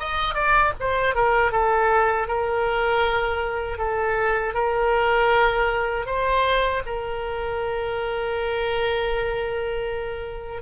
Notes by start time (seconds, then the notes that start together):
0.00 D#5
0.35 D5
0.80 C5
1.15 A#4
1.52 A4
2.28 A#4
3.78 A4
4.54 A#4
6.06 C5
6.86 A#4